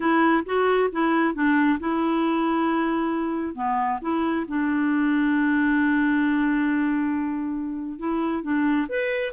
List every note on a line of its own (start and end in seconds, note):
0.00 0.43 E4
0.45 0.89 F#4
0.92 1.34 E4
1.34 1.78 D4
1.79 3.55 E4
3.55 3.99 B3
4.01 4.46 E4
4.47 7.98 D4
7.98 8.42 E4
8.42 8.87 D4
8.88 9.33 B4